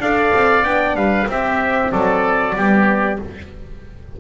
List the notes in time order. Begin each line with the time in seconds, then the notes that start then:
0.00 D4 A4 D5 F5
0.34 C4
0.64 B3 D4 G5
0.95 G3 B4 F5
1.27 C4 G4 E5
1.92 F#3 A4 D5
2.56 G3 B3 G4